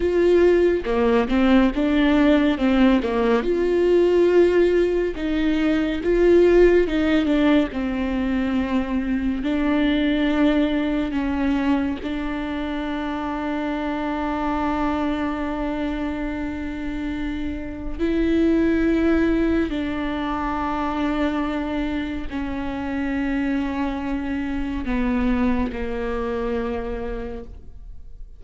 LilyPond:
\new Staff \with { instrumentName = "viola" } { \time 4/4 \tempo 4 = 70 f'4 ais8 c'8 d'4 c'8 ais8 | f'2 dis'4 f'4 | dis'8 d'8 c'2 d'4~ | d'4 cis'4 d'2~ |
d'1~ | d'4 e'2 d'4~ | d'2 cis'2~ | cis'4 b4 ais2 | }